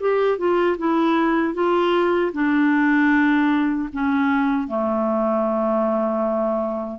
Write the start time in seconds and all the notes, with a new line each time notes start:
0.00 G4
0.38 F4
0.78 E4
1.54 F4
2.33 D4
3.93 C#4
4.68 A3